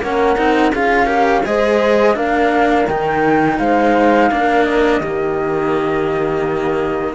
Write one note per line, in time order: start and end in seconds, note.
0.00 0.36 A#3
0.00 0.37 C#4
0.00 0.73 A#4
0.00 0.74 F#5
0.37 0.73 C4
0.37 0.72 D#4
0.73 1.44 C#4
0.73 1.06 F4
0.73 1.06 G#4
0.73 1.46 F5
1.06 1.42 G4
1.06 1.42 A#4
1.45 2.16 G#3
1.45 2.14 G#4
1.45 2.16 C5
1.45 2.16 D#5
2.14 2.87 A#3
2.14 2.85 D4
2.14 3.59 A#4
2.14 2.87 F5
2.87 3.59 D#3
2.87 4.31 D#4
2.87 3.58 G5
3.58 4.31 G#3
3.58 4.31 C5
3.58 4.64 F5
4.31 5.00 A#3
4.31 5.02 D4
4.31 5.00 A#4
4.64 7.14 D#5
5.00 7.14 D#3
5.00 7.15 A#3
5.00 7.14 G4